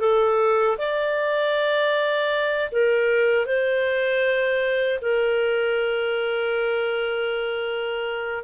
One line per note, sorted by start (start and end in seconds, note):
0.00 0.77 A4
0.78 2.70 D5
2.72 3.46 A#4
3.46 5.00 C5
5.02 8.44 A#4